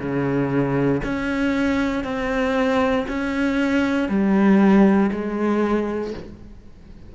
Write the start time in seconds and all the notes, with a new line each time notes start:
0.00 C#3
1.04 C#4
2.04 C4
3.08 C#4
4.09 G3
5.12 G#3